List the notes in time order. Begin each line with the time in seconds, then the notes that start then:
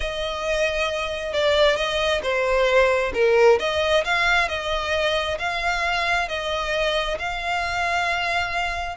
0.00 D#5
1.33 D5
1.76 D#5
2.22 C5
3.13 A#4
3.59 D#5
4.04 F5
4.48 D#5
5.39 F5
6.28 D#5
7.19 F5